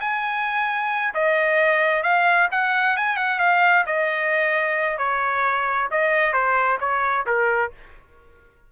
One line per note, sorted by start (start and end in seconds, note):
0.00 1.14 G#5
1.14 2.03 D#5
2.03 2.48 F5
2.51 2.96 F#5
2.96 3.17 G#5
3.17 3.39 F#5
3.39 3.85 F5
3.86 4.98 D#5
4.98 5.89 C#5
5.91 6.33 D#5
6.33 6.78 C5
6.80 7.26 C#5
7.26 7.71 A#4